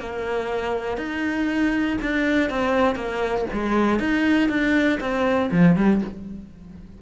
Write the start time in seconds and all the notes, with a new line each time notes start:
0.00 A#3
0.97 D#4
2.02 D4
2.50 C4
2.96 A#3
3.53 G#3
4.00 D#4
4.49 D4
5.01 C4
5.52 F3
5.77 G3